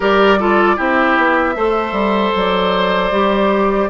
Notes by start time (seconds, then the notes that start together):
0.00 G3 G4 A#4 D5
0.38 F4 A4
0.76 C4 E4 G4 E5
1.17 B3
1.55 A3 A4 C5
1.92 G3
2.35 F#3 D5
3.11 G3 G4